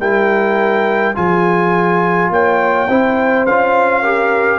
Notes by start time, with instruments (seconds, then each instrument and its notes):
0.00 tuba G3, trombone E4, horn A#4, trumpet G5
1.15 tuba F3, trombone F4, horn G#4, trumpet G#5
2.30 tuba A#3, horn C#5, trumpet G5
2.89 tuba C4, trombone E4, horn C5
3.46 tuba C#4, trombone F4, trumpet F5
4.02 trombone G4, horn A#4